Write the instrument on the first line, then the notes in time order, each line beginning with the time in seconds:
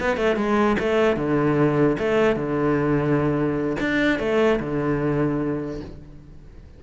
cello
0.00 B3
0.17 A3
0.36 G#3
0.79 A3
1.17 D3
1.99 A3
2.36 D3
3.80 D4
4.19 A3
4.60 D3